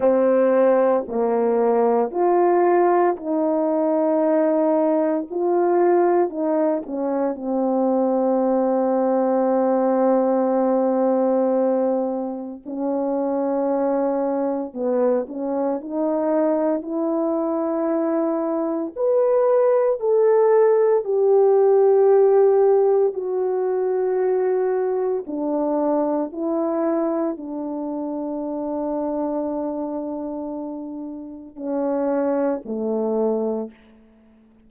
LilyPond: \new Staff \with { instrumentName = "horn" } { \time 4/4 \tempo 4 = 57 c'4 ais4 f'4 dis'4~ | dis'4 f'4 dis'8 cis'8 c'4~ | c'1 | cis'2 b8 cis'8 dis'4 |
e'2 b'4 a'4 | g'2 fis'2 | d'4 e'4 d'2~ | d'2 cis'4 a4 | }